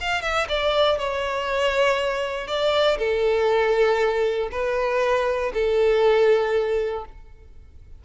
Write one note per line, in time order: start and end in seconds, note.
0.00 0.22 F5
0.22 0.47 E5
0.49 0.98 D5
0.98 2.47 C#5
2.47 2.98 D5
2.98 4.49 A4
4.51 5.52 B4
5.54 7.05 A4